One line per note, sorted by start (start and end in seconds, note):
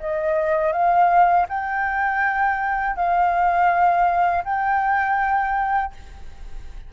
0.00 0.73 D#5
0.73 1.47 F5
1.49 2.97 G5
2.97 4.45 F5
4.45 5.93 G5